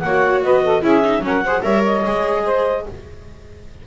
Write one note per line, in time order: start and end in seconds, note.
0.00 0.43 A#3
0.00 0.44 C#5
0.00 0.41 F#5
0.07 0.82 F#4
0.43 0.83 B3
0.43 0.64 B4
0.43 0.83 D#5
0.64 0.83 A4
0.82 1.19 C#4
0.82 1.02 E4
0.82 1.23 G#4
0.82 1.24 E5
1.05 1.22 D#4
1.19 1.60 F#3
1.19 1.43 C#4
1.19 1.63 F#5
1.26 1.45 A#4
1.45 1.63 G#4
1.45 1.62 C5
1.62 2.04 G3
1.62 2.03 A#4
1.62 2.43 C#5
1.62 1.83 E5
1.85 2.87 D#5
2.06 2.87 G#3
2.06 2.87 G#4
2.46 2.86 C5